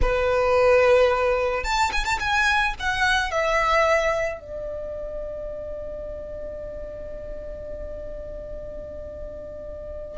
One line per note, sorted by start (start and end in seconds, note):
0.01 1.63 B4
1.63 1.91 A5
1.92 2.05 G#5
2.05 2.18 A5
2.19 2.74 G#5
2.79 3.31 F#5
3.31 4.40 E5
4.40 10.18 D5